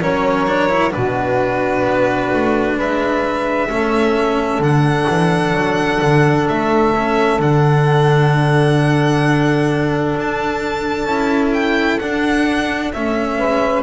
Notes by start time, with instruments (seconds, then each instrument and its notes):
0.00 double bass F#3, cello C#4, saxophone A#4, violin C#5
0.47 cello D4
0.69 cello E4
0.91 double bass B2, cello D4, saxophone F#4, violin B4
1.82 double bass B3
2.33 double bass A3
2.76 double bass G#3, saxophone B4, violin E5
3.69 double bass A3, cello C#4, saxophone A4
4.59 double bass D3, cello D4, violin F#5
5.09 double bass E3
5.53 double bass F#3
6.02 double bass D3
6.48 double bass A3, violin E5
6.96 cello C#4
7.39 double bass D3, cello D4, violin F#5
10.17 double bass D4, violin A5
11.05 double bass C#4, cello E4
11.53 violin G5
11.99 cello D4, double bass D4, violin F#5
12.93 double bass A3, cello C#4, violin E5
13.38 double bass G#3, saxophone B4